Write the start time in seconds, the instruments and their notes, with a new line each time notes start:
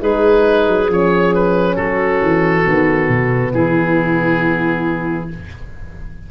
0.00 tuba G#3, horn D#4, clarinet G#4, oboe B4
0.67 tuba F#3
0.88 tuba F3, horn C#4, oboe C#5
1.35 oboe B4
1.75 tuba F#3, clarinet F#4, oboe A4
2.22 tuba E3
2.64 tuba D#3, horn B3
3.08 tuba B2
3.54 tuba E3, clarinet E4, oboe G#4